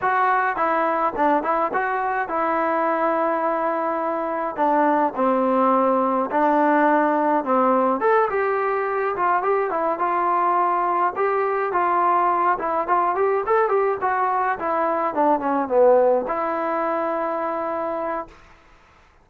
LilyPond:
\new Staff \with { instrumentName = "trombone" } { \time 4/4 \tempo 4 = 105 fis'4 e'4 d'8 e'8 fis'4 | e'1 | d'4 c'2 d'4~ | d'4 c'4 a'8 g'4. |
f'8 g'8 e'8 f'2 g'8~ | g'8 f'4. e'8 f'8 g'8 a'8 | g'8 fis'4 e'4 d'8 cis'8 b8~ | b8 e'2.~ e'8 | }